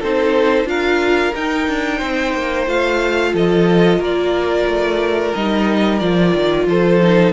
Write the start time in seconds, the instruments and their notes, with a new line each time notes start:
0.00 cello C4, viola D#4, violin A4 C5
0.64 cello D4, viola F4, violin A#4 F5
1.35 cello D#4, viola D#4, violin G5
1.68 cello D4
1.98 cello C4, violin C5
2.34 cello A#3
2.67 cello A3, viola F4, violin F5
3.33 cello F3, violin A4 D#5
3.98 cello A#3, violin A#4 D5
4.66 cello A3
5.34 cello G3, viola D#4, violin D#5
5.99 cello F3, viola F4, violin D5
6.34 cello D#3
6.67 cello F3, violin A4 C5
7.02 viola D#4